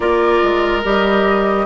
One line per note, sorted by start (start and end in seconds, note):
0.00 0.41 A#3
0.00 0.82 F4
0.00 1.65 A#4
0.00 0.82 D5
0.43 0.84 G#3
0.84 1.65 G3
0.84 1.65 G4
0.84 1.65 D#5